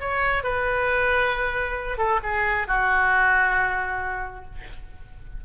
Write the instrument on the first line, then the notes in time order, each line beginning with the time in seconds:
oboe
0.00 C#5
0.43 B4
1.97 A4
2.22 G#4
2.67 F#4